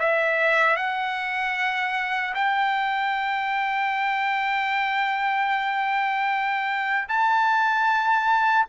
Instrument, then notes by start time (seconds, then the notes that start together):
trumpet
0.00 E5
0.77 F#5
2.35 G5
7.09 A5